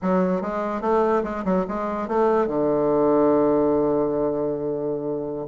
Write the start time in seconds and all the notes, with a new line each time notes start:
0.02 F#3
0.41 G#3
0.81 A3
1.23 G#3
1.44 F#3
1.68 G#3
2.08 A3
2.47 D3